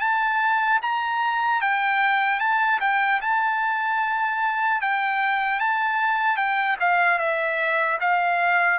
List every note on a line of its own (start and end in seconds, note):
0.00 0.80 A5
0.82 1.61 A#5
1.61 2.39 G5
2.39 2.79 A5
2.80 3.20 G5
3.21 4.81 A5
4.81 5.60 G5
5.60 6.37 A5
6.37 6.77 G5
6.80 7.19 F5
7.19 7.99 E5
8.00 8.79 F5